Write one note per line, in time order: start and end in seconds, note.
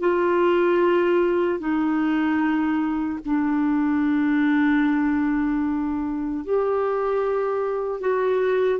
0.00 1.59 F4
1.59 3.19 D#4
3.25 6.44 D4
6.44 8.00 G4
8.00 8.80 F#4